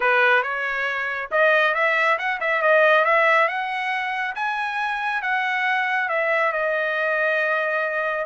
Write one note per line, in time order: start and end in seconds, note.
0.00 0.42 B4
0.42 1.29 C#5
1.31 1.74 D#5
1.74 2.17 E5
2.18 2.40 F#5
2.40 2.62 E5
2.62 3.04 D#5
3.04 3.48 E5
3.48 4.35 F#5
4.35 5.22 G#5
5.22 6.08 F#5
6.08 6.52 E5
6.52 8.25 D#5